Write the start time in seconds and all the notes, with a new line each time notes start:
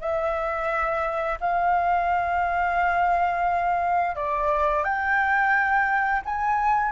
0.00 E5
1.40 F5
4.15 D5
4.83 G5
6.25 G#5